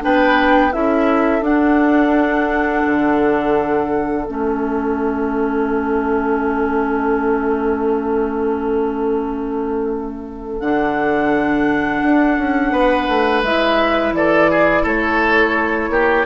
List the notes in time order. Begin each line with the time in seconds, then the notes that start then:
0.00 B3 D4 B4 G5
0.71 C#4 E4 A4 E5
1.41 D4 F#5
2.85 D3
4.25 A3 C#4 E5
10.60 D3 D4 F#5
12.02 D4
12.37 C#4
12.71 B3 B4
13.08 A3
13.42 G#3 E4 E5
14.12 E3 A4 D5
14.50 G#4
14.82 A3 A4 C#5
15.89 A#3 G4